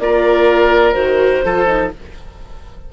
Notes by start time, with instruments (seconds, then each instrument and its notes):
0.00 bassoon A#3, viola F4, oboe A#4, clarinet D5
0.93 bassoon D#3, viola F#4, clarinet C5
1.45 bassoon F3, viola F4, oboe A4
1.67 viola D#4